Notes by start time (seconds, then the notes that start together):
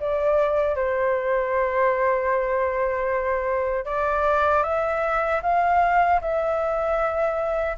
0.00 D5
0.75 C5
3.85 D5
4.63 E5
5.43 F5
6.21 E5